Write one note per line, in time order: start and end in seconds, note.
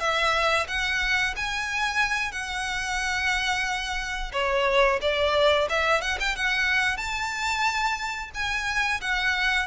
0.00 0.67 E5
0.68 1.35 F#5
1.36 2.32 G#5
2.32 4.32 F#5
4.33 4.99 C#5
5.02 5.68 D5
5.69 6.02 E5
6.02 6.18 F#5
6.20 6.36 G5
6.36 6.97 F#5
6.97 8.31 A5
8.34 9.01 G#5
9.02 9.68 F#5